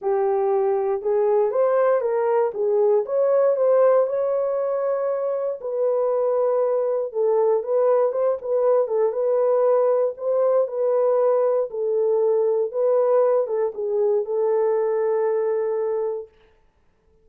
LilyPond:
\new Staff \with { instrumentName = "horn" } { \time 4/4 \tempo 4 = 118 g'2 gis'4 c''4 | ais'4 gis'4 cis''4 c''4 | cis''2. b'4~ | b'2 a'4 b'4 |
c''8 b'4 a'8 b'2 | c''4 b'2 a'4~ | a'4 b'4. a'8 gis'4 | a'1 | }